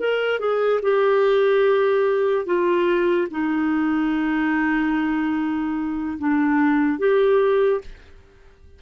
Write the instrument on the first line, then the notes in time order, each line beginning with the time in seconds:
clarinet
0.00 A#4
0.39 G#4
0.82 G4
2.46 F4
3.31 D#4
6.19 D4
6.99 G4